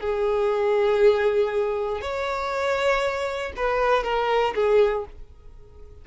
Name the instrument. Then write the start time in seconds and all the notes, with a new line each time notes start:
violin
0.00 G#4
2.01 C#5
3.56 B4
4.03 A#4
4.55 G#4